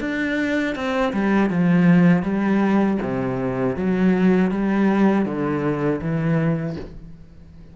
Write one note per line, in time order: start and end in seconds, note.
0.00 0.75 D4
0.75 1.12 C4
1.12 1.49 G3
1.49 2.22 F3
2.22 2.97 G3
3.02 3.76 C3
3.76 4.51 F#3
4.51 5.25 G3
5.25 6.00 D3
6.01 6.76 E3